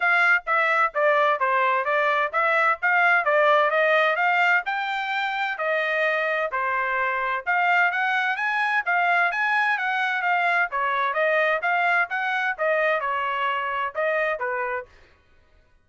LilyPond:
\new Staff \with { instrumentName = "trumpet" } { \time 4/4 \tempo 4 = 129 f''4 e''4 d''4 c''4 | d''4 e''4 f''4 d''4 | dis''4 f''4 g''2 | dis''2 c''2 |
f''4 fis''4 gis''4 f''4 | gis''4 fis''4 f''4 cis''4 | dis''4 f''4 fis''4 dis''4 | cis''2 dis''4 b'4 | }